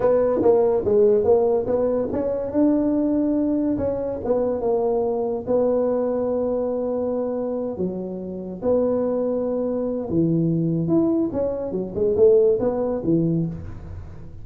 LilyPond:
\new Staff \with { instrumentName = "tuba" } { \time 4/4 \tempo 4 = 143 b4 ais4 gis4 ais4 | b4 cis'4 d'2~ | d'4 cis'4 b4 ais4~ | ais4 b2.~ |
b2~ b8 fis4.~ | fis8 b2.~ b8 | e2 e'4 cis'4 | fis8 gis8 a4 b4 e4 | }